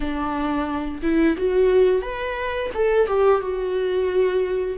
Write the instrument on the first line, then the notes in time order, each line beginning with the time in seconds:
viola
0.00 D4
1.02 E4
1.37 F#4
2.01 B4
2.74 A4
3.07 G4
3.41 F#4